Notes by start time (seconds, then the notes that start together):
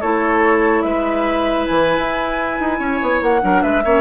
0.00 A3 E4 A4 C#5
0.82 G#3 B4 E5
1.66 E3 G#5
1.97 E4
2.59 D#4
2.79 C#4 C#5
3.01 B3
3.21 A#3 F#5
3.41 F#3 D4 A#4
3.62 G#3 B4 E5
3.84 A#3 C#4 C#5